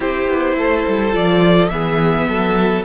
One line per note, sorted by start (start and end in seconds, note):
0.00 0.27 C4
0.00 1.12 E4
0.00 0.54 G4
0.00 1.15 C5
0.28 0.56 B3
0.56 0.85 A3
0.56 1.72 A4
0.87 1.14 G3
1.12 1.70 F3
1.12 1.69 F4
1.12 1.68 D5
1.68 2.26 E3
1.68 2.85 B3
1.68 2.29 G#4
1.68 2.83 E5
2.26 2.83 F#3
2.26 2.85 A4